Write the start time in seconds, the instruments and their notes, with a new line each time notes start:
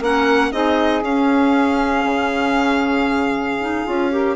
0.00 bassoon A#3, clarinet C#4, saxophone A#4, violin F#5
0.52 bassoon C4, clarinet D#4, saxophone G#4, violin D#5
1.03 bassoon C#4, clarinet C#4, violin F5
2.04 bassoon C#3
3.61 clarinet D#4
3.86 bassoon C#4, clarinet F4
4.11 clarinet G4, saxophone A#4